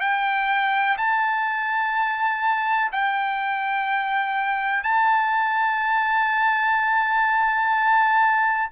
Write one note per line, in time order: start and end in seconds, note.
0.00 0.97 G5
0.98 2.91 A5
2.92 4.83 G5
4.83 8.71 A5